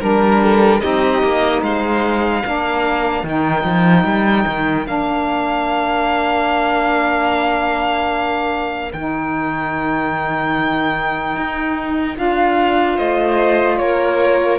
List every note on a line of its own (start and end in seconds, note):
0.00 0.82 G3
0.00 0.80 D4
0.00 0.81 A#4
0.00 0.41 A#4
0.43 0.82 A4
0.80 1.23 C4
0.80 2.42 D#4
0.80 1.63 G4
0.80 1.62 D#5
1.23 1.62 A#3
1.62 2.43 G#3
1.62 2.44 C5
1.62 3.25 F5
2.44 3.23 A#3
2.44 3.25 D4
2.44 12.96 A#4
3.23 3.64 D#3
3.23 4.85 D#4
3.23 4.87 G5
3.64 4.04 F3
4.04 4.45 G3
4.47 4.87 D#3
4.85 8.92 A#3
4.85 8.91 D4
4.85 8.92 F5
8.93 11.36 D#3
8.93 12.15 D#4
8.93 12.17 G5
11.36 12.17 D#4
12.15 12.98 D4
12.15 14.58 F4
12.15 12.98 F5
12.96 13.79 A3
12.96 13.77 C5
12.96 13.78 D#5
13.78 14.59 A#3
13.78 14.59 A#4
13.78 14.59 C#5